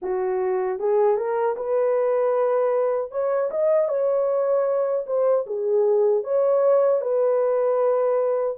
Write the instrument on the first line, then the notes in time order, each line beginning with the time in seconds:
horn
0.02 F#4
0.79 G#4
1.16 A#4
1.56 B4
3.11 C#5
3.51 D#5
3.88 C#5
5.06 C5
5.46 G#4
6.23 C#5
7.01 B4